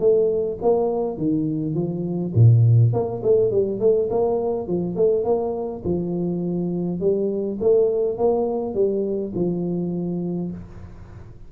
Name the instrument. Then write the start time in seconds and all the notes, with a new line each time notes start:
tuba
0.00 A3
0.62 A#3
1.18 D#3
1.75 F3
2.35 A#2
2.93 A#3
3.23 A3
3.51 G3
3.80 A3
4.10 A#3
4.68 F3
4.96 A3
5.24 A#3
5.84 F3
7.00 G3
7.61 A3
8.18 A#3
8.74 G3
9.35 F3